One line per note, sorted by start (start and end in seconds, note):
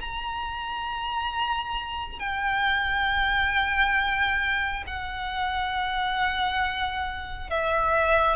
0.00 2.19 A#5
2.19 4.84 G5
4.86 7.50 F#5
7.50 8.36 E5